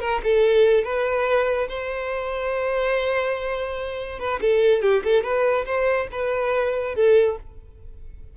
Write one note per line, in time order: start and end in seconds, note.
0.00 0.21 A#4
0.23 0.84 A4
0.84 1.68 B4
1.68 4.19 C5
4.19 4.40 B4
4.41 4.82 A4
4.82 5.03 G4
5.04 5.23 A4
5.23 5.65 B4
5.66 6.08 C5
6.12 6.95 B4
6.95 7.37 A4